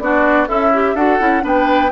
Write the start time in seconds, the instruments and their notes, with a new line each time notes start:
0.00 bassoon B3, clarinet D4, oboe F#4, flute D5
0.48 bassoon C#4, oboe E4, clarinet A4, flute E5
0.74 clarinet G4
0.95 bassoon D4, clarinet F#4, oboe A4, flute F#5
1.20 bassoon C#4, clarinet E4
1.42 bassoon B3, clarinet D4, oboe B4, flute G5